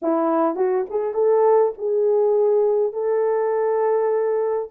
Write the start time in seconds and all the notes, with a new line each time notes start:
0.02 E4
0.55 F#4
0.90 G#4
1.14 A4
1.78 G#4
2.93 A4